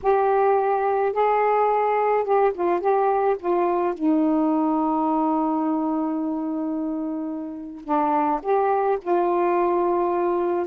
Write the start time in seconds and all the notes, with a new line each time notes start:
0.02 G4
1.12 G#4
2.24 G4
2.54 F4
2.80 G4
3.39 F4
3.94 D#4
7.84 D4
8.42 G4
9.01 F4